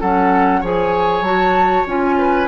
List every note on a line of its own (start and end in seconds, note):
0.00 0.62 F#3
0.00 0.63 C#4
0.00 0.60 A4
0.00 0.62 F#5
0.60 1.21 F3
0.60 1.24 G#4
0.60 2.15 C#5
0.60 1.24 G#5
1.21 1.83 F#3
1.21 1.86 F#4
1.21 1.85 A5
1.87 2.48 C#4
1.87 2.48 F4
1.87 2.48 G#5
2.18 2.48 B4